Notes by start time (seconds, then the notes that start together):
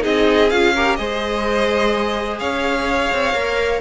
0.00 C4 D#4 G#4 D#5
0.50 C#4 F4 F5
0.75 G4 A#4
0.96 G#3 G#4 C5 D#5
2.39 C#4 C#5 F5
3.12 C4
3.33 A#3 A#4